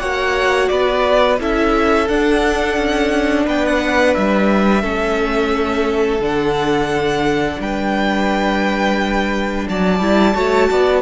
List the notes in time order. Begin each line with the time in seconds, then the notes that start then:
0.00 A#3 F#4 C#5 F#5
0.69 B3 B4 D5
1.40 C#4 E4 A4 E5
2.08 D4 F#5
2.77 C#4
3.46 B3 B4 G5
3.66 F#5
4.15 G3 E5
4.82 A3 C#4 A4
6.20 D3 D4 F#5
7.60 G3 B4 G5
9.69 F#3 D5 A5
10.00 G3 E4
10.35 A3 F#4 C#5
10.71 B3 D5